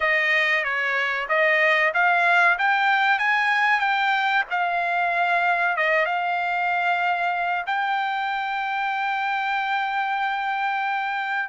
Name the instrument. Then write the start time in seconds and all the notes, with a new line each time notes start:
trumpet
0.00 D#5
0.64 C#5
1.29 D#5
1.94 F5
2.58 G5
3.18 G#5
3.80 G5
4.50 F5
5.76 D#5
6.05 F5
7.66 G5